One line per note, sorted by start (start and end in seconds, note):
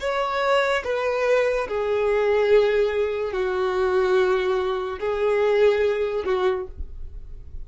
0.00 0.83 C#5
0.84 1.67 B4
1.68 3.32 G#4
3.32 4.99 F#4
5.00 6.25 G#4
6.25 6.67 F#4